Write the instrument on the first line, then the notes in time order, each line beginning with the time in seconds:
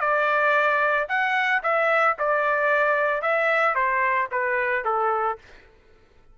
trumpet
0.00 D5
1.08 F#5
1.63 E5
2.18 D5
3.22 E5
3.75 C5
4.31 B4
4.85 A4